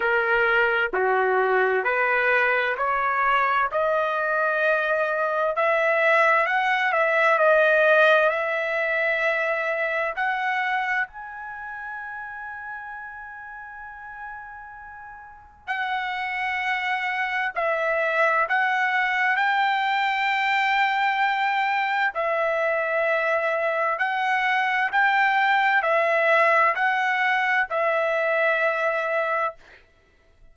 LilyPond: \new Staff \with { instrumentName = "trumpet" } { \time 4/4 \tempo 4 = 65 ais'4 fis'4 b'4 cis''4 | dis''2 e''4 fis''8 e''8 | dis''4 e''2 fis''4 | gis''1~ |
gis''4 fis''2 e''4 | fis''4 g''2. | e''2 fis''4 g''4 | e''4 fis''4 e''2 | }